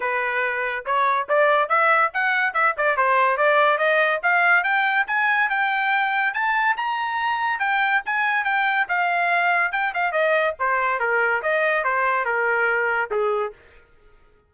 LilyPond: \new Staff \with { instrumentName = "trumpet" } { \time 4/4 \tempo 4 = 142 b'2 cis''4 d''4 | e''4 fis''4 e''8 d''8 c''4 | d''4 dis''4 f''4 g''4 | gis''4 g''2 a''4 |
ais''2 g''4 gis''4 | g''4 f''2 g''8 f''8 | dis''4 c''4 ais'4 dis''4 | c''4 ais'2 gis'4 | }